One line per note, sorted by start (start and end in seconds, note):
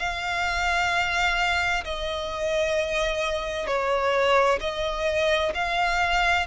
0.00 1.85 F5
1.85 3.67 D#5
3.67 4.59 C#5
4.61 5.53 D#5
5.55 6.47 F5